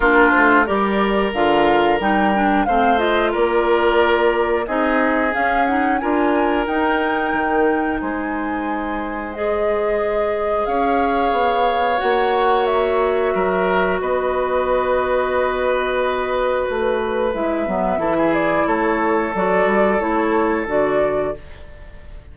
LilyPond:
<<
  \new Staff \with { instrumentName = "flute" } { \time 4/4 \tempo 4 = 90 ais'8 c''8 d''4 f''4 g''4 | f''8 dis''8 d''2 dis''4 | f''8 fis''8 gis''4 g''2 | gis''2 dis''2 |
f''2 fis''4 e''4~ | e''4 dis''2.~ | dis''4 b'4 e''4. d''8 | cis''4 d''4 cis''4 d''4 | }
  \new Staff \with { instrumentName = "oboe" } { \time 4/4 f'4 ais'2. | c''4 ais'2 gis'4~ | gis'4 ais'2. | c''1 |
cis''1 | ais'4 b'2.~ | b'2. a'16 gis'8. | a'1 | }
  \new Staff \with { instrumentName = "clarinet" } { \time 4/4 d'4 g'4 f'4 dis'8 d'8 | c'8 f'2~ f'8 dis'4 | cis'8 dis'8 f'4 dis'2~ | dis'2 gis'2~ |
gis'2 fis'2~ | fis'1~ | fis'2 e'8 b8 e'4~ | e'4 fis'4 e'4 fis'4 | }
  \new Staff \with { instrumentName = "bassoon" } { \time 4/4 ais8 a8 g4 d4 g4 | a4 ais2 c'4 | cis'4 d'4 dis'4 dis4 | gis1 |
cis'4 b4 ais2 | fis4 b2.~ | b4 a4 gis8 fis8 e4 | a4 fis8 g8 a4 d4 | }
>>